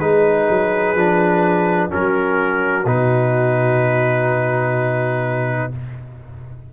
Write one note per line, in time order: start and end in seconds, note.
0.00 0.48 G#3
0.00 0.96 D#4
0.00 1.91 G#4
0.00 1.91 B4
0.50 0.95 F#3
0.95 1.90 F3
0.95 1.90 D4
1.90 2.86 F#3
1.90 2.85 C#4
1.90 5.72 F#4
1.90 2.87 A#4
2.86 5.71 B2
2.86 5.72 D#4
2.86 5.73 B4